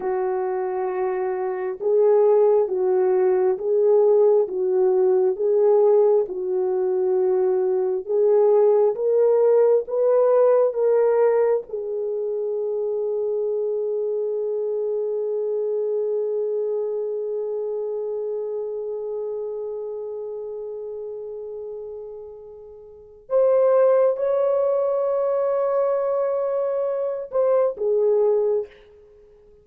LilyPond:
\new Staff \with { instrumentName = "horn" } { \time 4/4 \tempo 4 = 67 fis'2 gis'4 fis'4 | gis'4 fis'4 gis'4 fis'4~ | fis'4 gis'4 ais'4 b'4 | ais'4 gis'2.~ |
gis'1~ | gis'1~ | gis'2 c''4 cis''4~ | cis''2~ cis''8 c''8 gis'4 | }